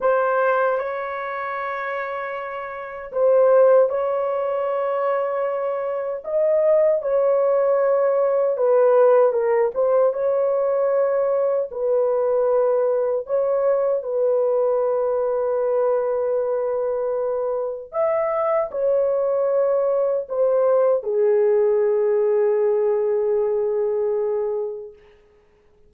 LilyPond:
\new Staff \with { instrumentName = "horn" } { \time 4/4 \tempo 4 = 77 c''4 cis''2. | c''4 cis''2. | dis''4 cis''2 b'4 | ais'8 c''8 cis''2 b'4~ |
b'4 cis''4 b'2~ | b'2. e''4 | cis''2 c''4 gis'4~ | gis'1 | }